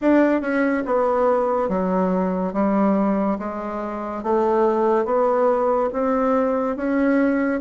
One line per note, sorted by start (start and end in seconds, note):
0.01 0.41 D4
0.41 0.83 C#4
0.85 1.68 B3
1.68 2.53 F#3
2.53 3.38 G3
3.38 4.23 G#3
4.23 5.05 A3
5.05 5.89 B3
5.92 6.76 C4
6.76 7.61 C#4